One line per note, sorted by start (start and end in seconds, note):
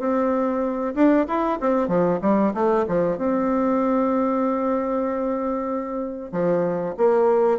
0.00 0.95 C4
0.95 1.27 D4
1.28 1.60 E4
1.60 1.88 C4
1.88 2.20 F3
2.22 2.53 G3
2.54 2.86 A3
2.88 3.18 F3
3.18 6.32 C4
6.32 6.95 F3
6.98 7.59 A#3